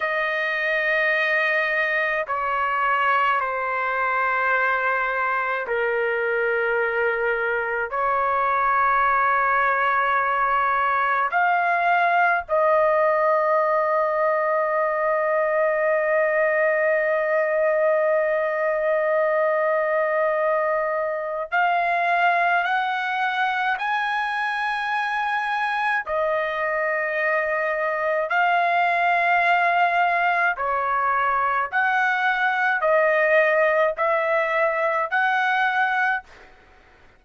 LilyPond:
\new Staff \with { instrumentName = "trumpet" } { \time 4/4 \tempo 4 = 53 dis''2 cis''4 c''4~ | c''4 ais'2 cis''4~ | cis''2 f''4 dis''4~ | dis''1~ |
dis''2. f''4 | fis''4 gis''2 dis''4~ | dis''4 f''2 cis''4 | fis''4 dis''4 e''4 fis''4 | }